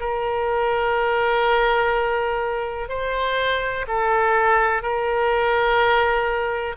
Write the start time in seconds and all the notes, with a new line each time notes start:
0.00 A#4
2.89 C5
3.88 A4
4.83 A#4